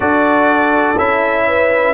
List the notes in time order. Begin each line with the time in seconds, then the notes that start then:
0.00 D4 F#4 A4 D5
0.96 C#4 E4 E5
1.47 B4